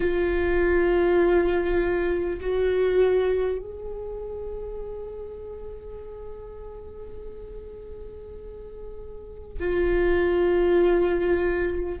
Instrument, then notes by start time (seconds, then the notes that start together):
viola
0.00 F4
2.41 F#4
3.58 G#4
9.59 F4